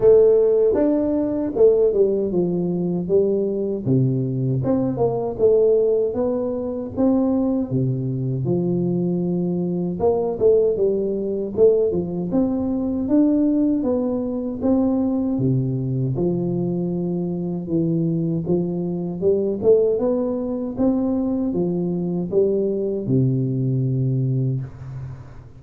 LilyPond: \new Staff \with { instrumentName = "tuba" } { \time 4/4 \tempo 4 = 78 a4 d'4 a8 g8 f4 | g4 c4 c'8 ais8 a4 | b4 c'4 c4 f4~ | f4 ais8 a8 g4 a8 f8 |
c'4 d'4 b4 c'4 | c4 f2 e4 | f4 g8 a8 b4 c'4 | f4 g4 c2 | }